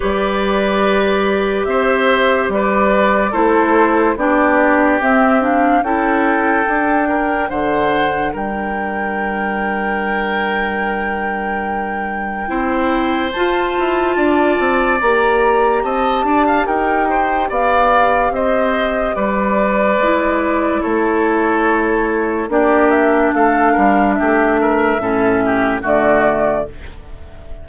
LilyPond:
<<
  \new Staff \with { instrumentName = "flute" } { \time 4/4 \tempo 4 = 72 d''2 e''4 d''4 | c''4 d''4 e''8 f''8 g''4~ | g''4 fis''4 g''2~ | g''1 |
a''2 ais''4 a''4 | g''4 f''4 dis''4 d''4~ | d''4 cis''2 d''8 e''8 | f''4 e''2 d''4 | }
  \new Staff \with { instrumentName = "oboe" } { \time 4/4 b'2 c''4 b'4 | a'4 g'2 a'4~ | a'8 ais'8 c''4 ais'2~ | ais'2. c''4~ |
c''4 d''2 dis''8 d''16 f''16 | ais'8 c''8 d''4 c''4 b'4~ | b'4 a'2 g'4 | a'8 ais'8 g'8 ais'8 a'8 g'8 fis'4 | }
  \new Staff \with { instrumentName = "clarinet" } { \time 4/4 g'1 | e'4 d'4 c'8 d'8 e'4 | d'1~ | d'2. e'4 |
f'2 g'2~ | g'1 | e'2. d'4~ | d'2 cis'4 a4 | }
  \new Staff \with { instrumentName = "bassoon" } { \time 4/4 g2 c'4 g4 | a4 b4 c'4 cis'4 | d'4 d4 g2~ | g2. c'4 |
f'8 e'8 d'8 c'8 ais4 c'8 d'8 | dis'4 b4 c'4 g4 | gis4 a2 ais4 | a8 g8 a4 a,4 d4 | }
>>